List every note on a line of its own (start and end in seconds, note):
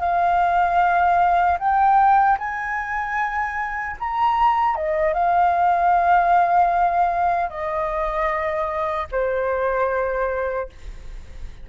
0.00 1.58 F5
1.59 2.38 G5
2.39 3.97 G#5
4.00 4.76 A#5
4.76 5.14 D#5
5.14 7.50 F5
7.50 9.08 D#5
9.11 10.69 C5